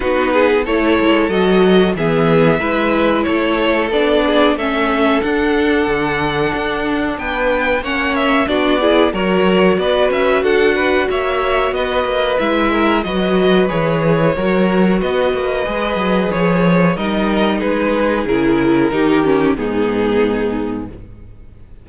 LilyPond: <<
  \new Staff \with { instrumentName = "violin" } { \time 4/4 \tempo 4 = 92 b'4 cis''4 dis''4 e''4~ | e''4 cis''4 d''4 e''4 | fis''2. g''4 | fis''8 e''8 d''4 cis''4 d''8 e''8 |
fis''4 e''4 dis''4 e''4 | dis''4 cis''2 dis''4~ | dis''4 cis''4 dis''4 b'4 | ais'2 gis'2 | }
  \new Staff \with { instrumentName = "violin" } { \time 4/4 fis'8 gis'8 a'2 gis'4 | b'4 a'4. gis'8 a'4~ | a'2. b'4 | cis''4 fis'8 gis'8 ais'4 b'4 |
a'8 b'8 cis''4 b'4. ais'8 | b'2 ais'4 b'4~ | b'2 ais'4 gis'4~ | gis'4 g'4 dis'2 | }
  \new Staff \with { instrumentName = "viola" } { \time 4/4 dis'4 e'4 fis'4 b4 | e'2 d'4 cis'4 | d'1 | cis'4 d'8 e'8 fis'2~ |
fis'2. e'4 | fis'4 gis'4 fis'2 | gis'2 dis'2 | e'4 dis'8 cis'8 b2 | }
  \new Staff \with { instrumentName = "cello" } { \time 4/4 b4 a8 gis8 fis4 e4 | gis4 a4 b4 a4 | d'4 d4 d'4 b4 | ais4 b4 fis4 b8 cis'8 |
d'4 ais4 b8 ais8 gis4 | fis4 e4 fis4 b8 ais8 | gis8 fis8 f4 g4 gis4 | cis4 dis4 gis,2 | }
>>